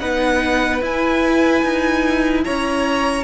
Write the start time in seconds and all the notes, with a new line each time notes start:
0.00 B3 D#4 B4 F#5
0.82 E4 G#5
1.63 D#4
2.45 C#4 C#5 A#5